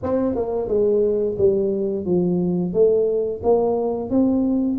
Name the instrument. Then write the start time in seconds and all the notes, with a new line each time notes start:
tuba
0.02 C4
0.35 A#3
0.68 G#3
1.38 G3
2.05 F3
2.73 A3
3.43 A#3
4.10 C4